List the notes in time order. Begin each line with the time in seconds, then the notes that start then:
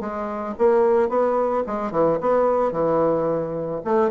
0.00 G#3
0.58 A#3
1.09 B3
1.66 G#3
1.91 E3
2.20 B3
2.72 E3
3.85 A3